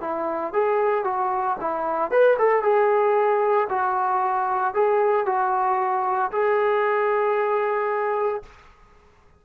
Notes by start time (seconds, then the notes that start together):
0.00 E4
0.53 G#4
1.04 F#4
1.61 E4
2.11 B4
2.39 A4
2.62 G#4
3.69 F#4
4.74 G#4
5.26 F#4
6.32 G#4